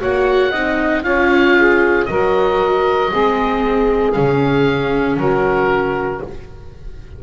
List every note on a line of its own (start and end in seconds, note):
0.00 0.52 A#3
0.00 0.52 F#4
0.00 0.50 C#5
0.00 1.03 F#5
0.50 1.03 C4
0.50 1.04 D#4
0.50 1.02 D#5
1.03 2.07 C#4
1.03 2.07 F4
1.03 1.56 C#5
1.03 2.06 F5
1.56 2.08 G#4
2.06 3.12 F#3
2.06 3.12 F#4
2.06 3.11 A#4
2.06 4.12 D#5
3.11 4.16 G#3
3.11 4.14 C4
3.11 5.18 G#4
4.12 5.17 C#3
4.12 6.21 C#4
4.12 5.16 F5
5.17 6.20 F#3
5.17 6.22 F#4
5.17 6.23 A#4